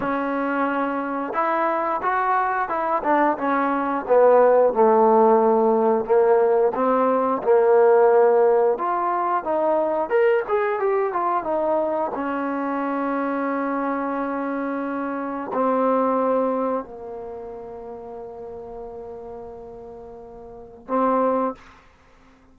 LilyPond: \new Staff \with { instrumentName = "trombone" } { \time 4/4 \tempo 4 = 89 cis'2 e'4 fis'4 | e'8 d'8 cis'4 b4 a4~ | a4 ais4 c'4 ais4~ | ais4 f'4 dis'4 ais'8 gis'8 |
g'8 f'8 dis'4 cis'2~ | cis'2. c'4~ | c'4 ais2.~ | ais2. c'4 | }